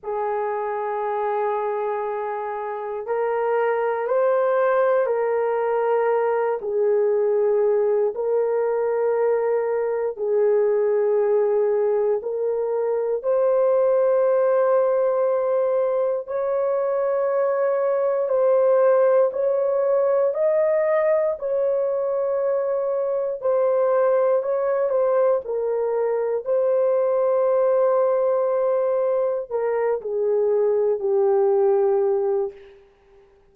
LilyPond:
\new Staff \with { instrumentName = "horn" } { \time 4/4 \tempo 4 = 59 gis'2. ais'4 | c''4 ais'4. gis'4. | ais'2 gis'2 | ais'4 c''2. |
cis''2 c''4 cis''4 | dis''4 cis''2 c''4 | cis''8 c''8 ais'4 c''2~ | c''4 ais'8 gis'4 g'4. | }